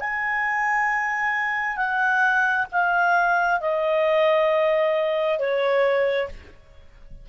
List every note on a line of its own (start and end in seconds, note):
0.00 1.77 G#5
1.77 2.66 F#5
2.72 3.60 F5
3.60 5.39 D#5
5.39 6.28 C#5